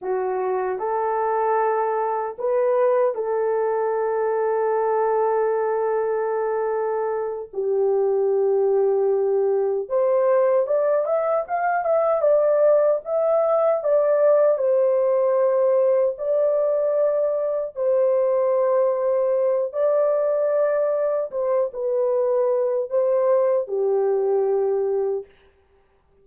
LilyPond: \new Staff \with { instrumentName = "horn" } { \time 4/4 \tempo 4 = 76 fis'4 a'2 b'4 | a'1~ | a'4. g'2~ g'8~ | g'8 c''4 d''8 e''8 f''8 e''8 d''8~ |
d''8 e''4 d''4 c''4.~ | c''8 d''2 c''4.~ | c''4 d''2 c''8 b'8~ | b'4 c''4 g'2 | }